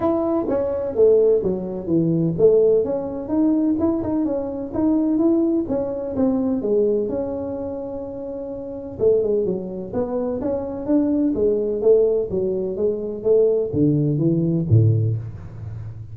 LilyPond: \new Staff \with { instrumentName = "tuba" } { \time 4/4 \tempo 4 = 127 e'4 cis'4 a4 fis4 | e4 a4 cis'4 dis'4 | e'8 dis'8 cis'4 dis'4 e'4 | cis'4 c'4 gis4 cis'4~ |
cis'2. a8 gis8 | fis4 b4 cis'4 d'4 | gis4 a4 fis4 gis4 | a4 d4 e4 a,4 | }